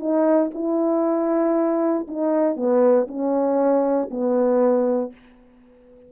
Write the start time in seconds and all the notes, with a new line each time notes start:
0.00 D#4
0.55 E4
2.08 D#4
2.56 B3
3.08 C#4
4.11 B3